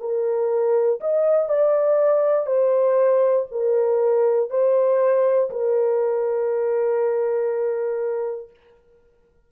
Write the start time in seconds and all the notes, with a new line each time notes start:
0.00 A#4
1.00 D#5
1.48 D5
2.46 C5
3.51 A#4
4.50 C5
5.50 A#4